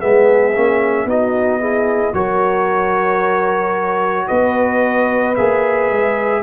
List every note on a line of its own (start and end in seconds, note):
0.00 0.56 G#3
0.00 0.54 B3
0.00 1.07 G#4
0.00 1.08 E5
0.56 1.06 A#3
0.56 1.08 C#4
1.06 2.13 B3
1.06 1.61 D#4
1.06 1.60 F#4
1.06 2.14 D#5
1.60 2.15 E4
1.60 2.14 G#4
2.14 4.28 F#3
2.14 5.36 F#4
2.14 4.28 A#4
2.14 4.28 C#5
4.28 5.38 B3
4.28 6.42 B4
4.28 5.35 D#5
5.36 5.91 A#3
5.36 6.43 G#4
5.36 6.43 E5
5.91 6.43 G#3